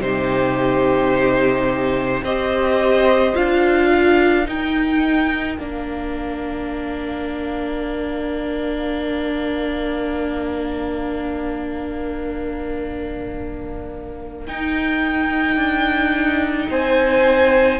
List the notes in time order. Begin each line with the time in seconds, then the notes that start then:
0.00 C3 D#4 G4 C5
2.23 C4 G4 C5 D#5
3.35 D4 F4 F5
3.91 A#4
4.45 D#4 G5
5.58 A#3 D4 F5
14.47 D#4 G5
15.56 D4
16.70 C4 C5 G#5